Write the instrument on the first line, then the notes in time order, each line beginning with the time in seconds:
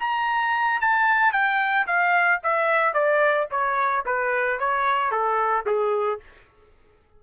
trumpet
0.00 A#5
0.81 A5
1.33 G5
1.87 F5
2.44 E5
2.94 D5
3.51 C#5
4.06 B4
4.60 C#5
5.12 A4
5.66 G#4